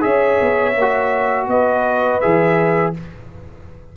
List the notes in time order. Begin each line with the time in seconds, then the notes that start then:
0.00 C#4 G#4 E5
0.06 C#5
0.40 B3
0.75 A#3 F#4
1.47 B3 B4 D#5
2.20 E3 G#4 E5